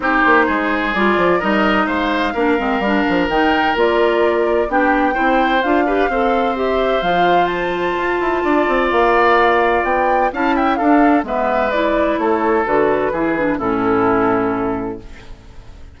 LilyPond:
<<
  \new Staff \with { instrumentName = "flute" } { \time 4/4 \tempo 4 = 128 c''2 d''4 dis''4 | f''2. g''4 | d''2 g''2 | f''2 e''4 f''4 |
a''2. f''4~ | f''4 g''4 a''8 g''8 f''4 | e''4 d''4 cis''4 b'4~ | b'4 a'2. | }
  \new Staff \with { instrumentName = "oboe" } { \time 4/4 g'4 gis'2 ais'4 | c''4 ais'2.~ | ais'2 g'4 c''4~ | c''8 b'8 c''2.~ |
c''2 d''2~ | d''2 f''8 e''8 a'4 | b'2 a'2 | gis'4 e'2. | }
  \new Staff \with { instrumentName = "clarinet" } { \time 4/4 dis'2 f'4 dis'4~ | dis'4 d'8 c'8 d'4 dis'4 | f'2 d'4 e'4 | f'8 g'8 a'4 g'4 f'4~ |
f'1~ | f'2 e'4 d'4 | b4 e'2 fis'4 | e'8 d'8 cis'2. | }
  \new Staff \with { instrumentName = "bassoon" } { \time 4/4 c'8 ais8 gis4 g8 f8 g4 | gis4 ais8 gis8 g8 f8 dis4 | ais2 b4 c'4 | d'4 c'2 f4~ |
f4 f'8 e'8 d'8 c'8 ais4~ | ais4 b4 cis'4 d'4 | gis2 a4 d4 | e4 a,2. | }
>>